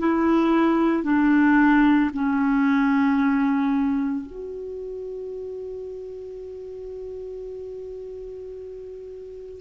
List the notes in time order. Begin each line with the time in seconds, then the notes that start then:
0.00 E4
1.04 D4
2.14 C#4
4.27 F#4